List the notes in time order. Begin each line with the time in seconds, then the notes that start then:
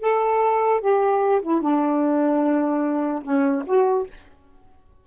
0.00 A4
0.80 G4
1.41 E4
1.61 D4
3.23 C#4
3.66 F#4